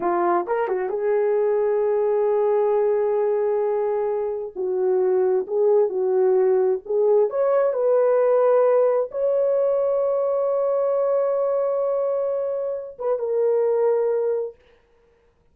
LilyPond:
\new Staff \with { instrumentName = "horn" } { \time 4/4 \tempo 4 = 132 f'4 ais'8 fis'8 gis'2~ | gis'1~ | gis'2 fis'2 | gis'4 fis'2 gis'4 |
cis''4 b'2. | cis''1~ | cis''1~ | cis''8 b'8 ais'2. | }